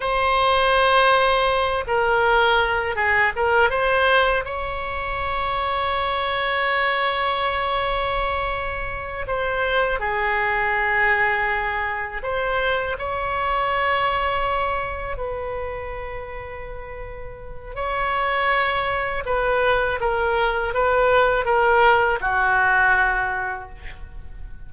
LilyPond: \new Staff \with { instrumentName = "oboe" } { \time 4/4 \tempo 4 = 81 c''2~ c''8 ais'4. | gis'8 ais'8 c''4 cis''2~ | cis''1~ | cis''8 c''4 gis'2~ gis'8~ |
gis'8 c''4 cis''2~ cis''8~ | cis''8 b'2.~ b'8 | cis''2 b'4 ais'4 | b'4 ais'4 fis'2 | }